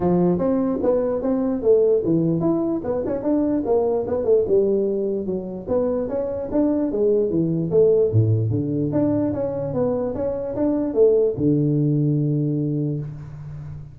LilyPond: \new Staff \with { instrumentName = "tuba" } { \time 4/4 \tempo 4 = 148 f4 c'4 b4 c'4 | a4 e4 e'4 b8 cis'8 | d'4 ais4 b8 a8 g4~ | g4 fis4 b4 cis'4 |
d'4 gis4 e4 a4 | a,4 d4 d'4 cis'4 | b4 cis'4 d'4 a4 | d1 | }